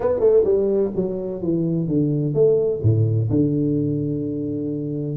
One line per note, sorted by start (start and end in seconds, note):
0.00 0.19 B3
0.19 0.43 A3
0.44 0.91 G3
0.95 1.42 F#3
1.42 1.87 E3
1.87 2.34 D3
2.34 2.80 A3
2.82 3.29 A2
3.29 5.17 D3